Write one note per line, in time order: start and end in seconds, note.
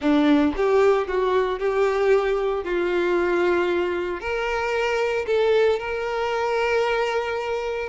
0.01 0.54 D4
0.56 1.07 G4
1.07 1.59 F#4
1.59 2.64 G4
2.64 4.20 F4
4.20 5.25 A#4
5.26 5.79 A4
5.79 7.89 A#4